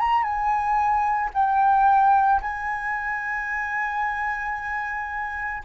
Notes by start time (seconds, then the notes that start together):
0.00 A#5
0.23 G#5
1.34 G5
2.42 G#5